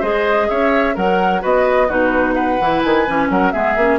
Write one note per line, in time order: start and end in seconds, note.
0.00 0.49 G#3
0.00 0.94 G#4
0.00 0.47 C5
0.00 0.49 D#5
0.49 0.97 C#4
0.49 0.95 C#5
0.49 0.96 E5
0.94 1.43 F#3
0.94 1.41 A#4
0.94 1.42 A#4
0.94 1.43 F#5
1.41 1.91 B3
1.41 1.88 F#4
1.41 1.88 B4
1.41 1.90 D#5
1.88 2.60 B2
1.88 2.59 D#4
1.88 2.35 F#4
1.88 2.35 B4
2.35 3.29 B4
2.35 2.81 F#5
2.60 2.83 E3
2.60 3.07 E4
2.83 3.08 D#3
2.83 3.30 G#5
3.07 3.30 E3
3.07 3.53 C#4
3.30 3.53 F#3
3.30 3.53 A#4
3.30 3.51 F#5
3.51 3.76 G#3
3.51 3.77 B3
3.51 3.99 G#4
3.51 3.98 E5
3.76 3.99 A#3
3.76 3.99 C#4